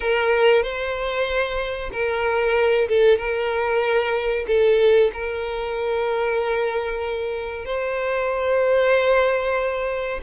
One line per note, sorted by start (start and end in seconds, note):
0.00 0.62 A#4
0.62 1.90 C5
1.92 2.88 A#4
2.88 3.18 A4
3.18 4.45 A#4
4.47 5.11 A4
5.13 7.65 A#4
7.65 10.20 C5